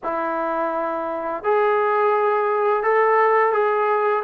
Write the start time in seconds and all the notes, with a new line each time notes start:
0.03 E4
1.43 G#4
2.83 A4
3.52 G#4